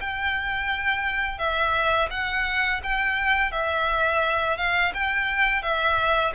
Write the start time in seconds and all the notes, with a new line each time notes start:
0.00 G5
1.38 E5
2.10 F#5
2.83 G5
3.51 E5
4.57 F5
4.93 G5
5.62 E5